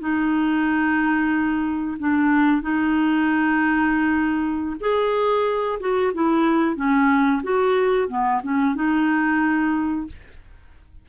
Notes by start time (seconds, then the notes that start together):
0.00 D#4
1.99 D4
2.62 D#4
4.80 G#4
5.80 F#4
6.14 E4
6.76 C#4
7.43 F#4
8.09 B3
8.43 C#4
8.75 D#4